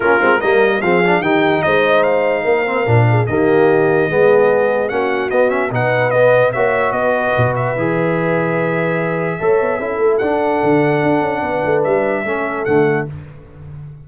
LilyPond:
<<
  \new Staff \with { instrumentName = "trumpet" } { \time 4/4 \tempo 4 = 147 ais'4 dis''4 f''4 g''4 | dis''4 f''2. | dis''1 | fis''4 dis''8 e''8 fis''4 dis''4 |
e''4 dis''4. e''4.~ | e''1~ | e''4 fis''2.~ | fis''4 e''2 fis''4 | }
  \new Staff \with { instrumentName = "horn" } { \time 4/4 f'4 ais'4 gis'4 g'4 | c''2 ais'4. gis'8 | g'2 gis'2 | fis'2 b'2 |
cis''4 b'2.~ | b'2. cis''4 | a'1 | b'2 a'2 | }
  \new Staff \with { instrumentName = "trombone" } { \time 4/4 cis'8 c'8 ais4 c'8 d'8 dis'4~ | dis'2~ dis'8 c'8 d'4 | ais2 b2 | cis'4 b8 cis'8 dis'4 b4 |
fis'2. gis'4~ | gis'2. a'4 | e'4 d'2.~ | d'2 cis'4 a4 | }
  \new Staff \with { instrumentName = "tuba" } { \time 4/4 ais8 gis8 g4 f4 dis4 | gis2 ais4 ais,4 | dis2 gis2 | ais4 b4 b,2 |
ais4 b4 b,4 e4~ | e2. a8 b8 | cis'8 a8 d'4 d4 d'8 cis'8 | b8 a8 g4 a4 d4 | }
>>